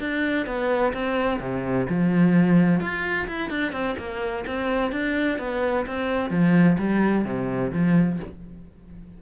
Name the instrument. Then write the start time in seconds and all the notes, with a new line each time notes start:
cello
0.00 D4
0.46 B3
0.93 C4
1.40 C3
1.90 F3
2.80 F4
3.27 E4
3.50 D4
3.72 C4
3.98 A#3
4.47 C4
4.92 D4
5.39 B3
5.87 C4
6.30 F3
6.78 G3
7.25 C3
7.73 F3